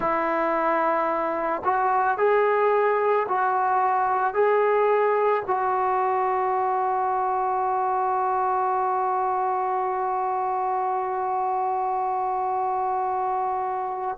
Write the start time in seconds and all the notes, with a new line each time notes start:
0.00 E4
1.64 F#4
2.17 G#4
3.28 F#4
4.33 G#4
5.46 F#4